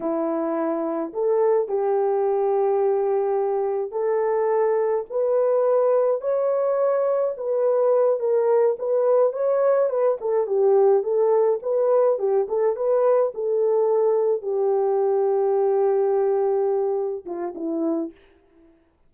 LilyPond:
\new Staff \with { instrumentName = "horn" } { \time 4/4 \tempo 4 = 106 e'2 a'4 g'4~ | g'2. a'4~ | a'4 b'2 cis''4~ | cis''4 b'4. ais'4 b'8~ |
b'8 cis''4 b'8 a'8 g'4 a'8~ | a'8 b'4 g'8 a'8 b'4 a'8~ | a'4. g'2~ g'8~ | g'2~ g'8 f'8 e'4 | }